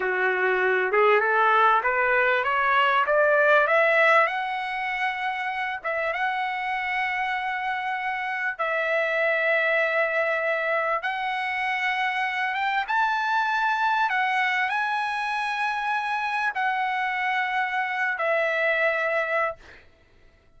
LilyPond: \new Staff \with { instrumentName = "trumpet" } { \time 4/4 \tempo 4 = 98 fis'4. gis'8 a'4 b'4 | cis''4 d''4 e''4 fis''4~ | fis''4. e''8 fis''2~ | fis''2 e''2~ |
e''2 fis''2~ | fis''8 g''8 a''2 fis''4 | gis''2. fis''4~ | fis''4.~ fis''16 e''2~ e''16 | }